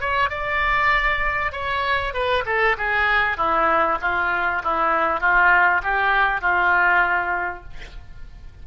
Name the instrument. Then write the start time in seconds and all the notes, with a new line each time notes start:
oboe
0.00 C#5
0.29 D5
1.52 C#5
2.13 B4
2.45 A4
2.77 G#4
3.37 E4
4.01 F4
4.63 E4
5.20 F4
5.82 G4
6.41 F4